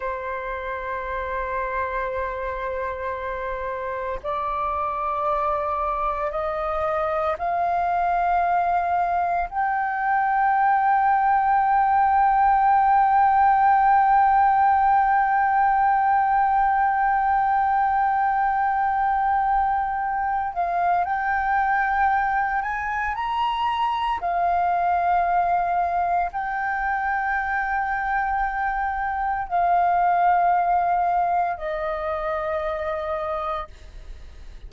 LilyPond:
\new Staff \with { instrumentName = "flute" } { \time 4/4 \tempo 4 = 57 c''1 | d''2 dis''4 f''4~ | f''4 g''2.~ | g''1~ |
g''2.~ g''8 f''8 | g''4. gis''8 ais''4 f''4~ | f''4 g''2. | f''2 dis''2 | }